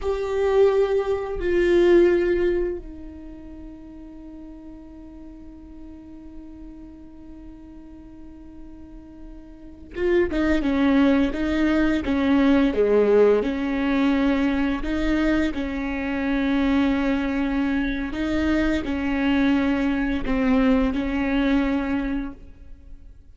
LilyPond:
\new Staff \with { instrumentName = "viola" } { \time 4/4 \tempo 4 = 86 g'2 f'2 | dis'1~ | dis'1~ | dis'2~ dis'16 f'8 dis'8 cis'8.~ |
cis'16 dis'4 cis'4 gis4 cis'8.~ | cis'4~ cis'16 dis'4 cis'4.~ cis'16~ | cis'2 dis'4 cis'4~ | cis'4 c'4 cis'2 | }